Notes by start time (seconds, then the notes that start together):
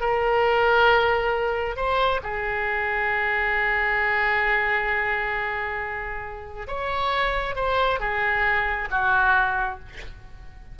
0.00 A#4
1.76 C5
2.23 G#4
6.67 C#5
7.55 C5
7.99 G#4
8.91 F#4